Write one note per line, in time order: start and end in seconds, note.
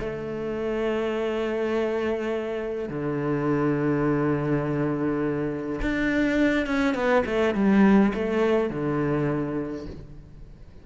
0.00 2.89 A3
2.89 5.80 D3
5.82 6.66 D4
6.66 6.95 C#4
6.95 7.24 B3
7.26 7.55 A3
7.55 8.13 G3
8.14 8.70 A3
8.70 9.86 D3